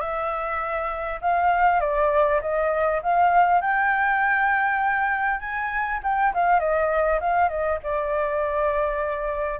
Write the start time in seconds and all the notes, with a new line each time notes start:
0.00 E5
1.21 F5
1.81 D5
2.41 D#5
3.03 F5
3.61 G5
5.40 G#5
6.04 G5
6.34 F5
6.60 D#5
7.21 F5
7.49 D#5
7.84 D5